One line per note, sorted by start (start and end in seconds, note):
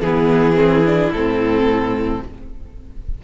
0.00 1.09 E3
0.00 0.56 B3
0.00 2.23 E4
0.00 1.11 G#4
0.56 0.83 C4
0.86 1.13 D4
1.11 2.20 A2
1.11 2.24 C4
1.11 2.22 A4